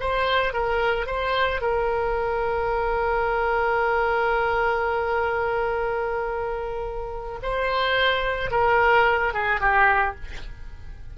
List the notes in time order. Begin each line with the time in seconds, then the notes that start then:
0.00 C5
0.53 A#4
1.06 C5
1.61 A#4
7.42 C5
8.51 A#4
9.34 G#4
9.60 G4